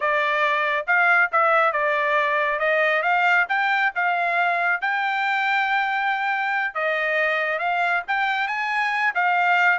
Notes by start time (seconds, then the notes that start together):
0.00 D5
0.87 F5
1.32 E5
1.72 D5
2.59 D#5
3.02 F5
3.48 G5
3.95 F5
4.81 G5
6.74 D#5
7.58 F5
8.07 G5
8.47 G#5
9.14 F5